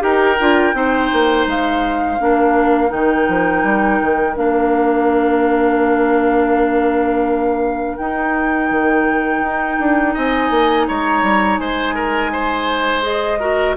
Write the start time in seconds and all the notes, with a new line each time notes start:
0.00 D#4 G4 A#4 G5
0.40 D4 F4
0.73 C4 D#4 C5
1.13 A#3
1.46 G#3 F5
2.19 A#3 D4 A#4
2.89 D#3 D#4 G5
3.28 F3
3.64 G3
4.02 D#3
4.36 A#3 D4 F5
7.97 D#4 G5
8.70 D#3
9.42 D#4
9.80 D4
10.14 C4 D#5 G#5
10.50 A#3
10.88 G#3 C#5 A#5
11.23 G3
11.58 G#3 C5 G#5
11.95 A#4
12.33 C5
13.02 G#4 D#5
13.39 F#4 A#4